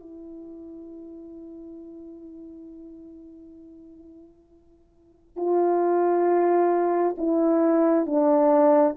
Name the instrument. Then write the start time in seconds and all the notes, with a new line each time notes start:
horn
0.00 E4
5.36 F4
7.18 E4
8.06 D4